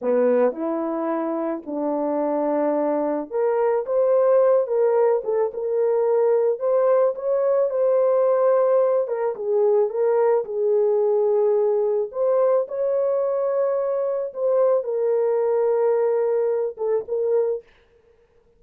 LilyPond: \new Staff \with { instrumentName = "horn" } { \time 4/4 \tempo 4 = 109 b4 e'2 d'4~ | d'2 ais'4 c''4~ | c''8 ais'4 a'8 ais'2 | c''4 cis''4 c''2~ |
c''8 ais'8 gis'4 ais'4 gis'4~ | gis'2 c''4 cis''4~ | cis''2 c''4 ais'4~ | ais'2~ ais'8 a'8 ais'4 | }